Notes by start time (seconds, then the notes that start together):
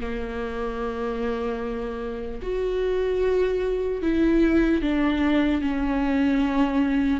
0.00 A#3
2.42 F#4
4.02 E4
4.81 D4
5.61 C#4